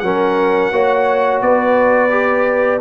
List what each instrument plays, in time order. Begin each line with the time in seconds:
0.00 tuba F#3, trombone C#4, horn A#4, trumpet F#5
0.72 tuba A#3, trombone F#4, horn C#5
1.41 tuba B3, horn B4, trumpet D5
2.10 trombone G4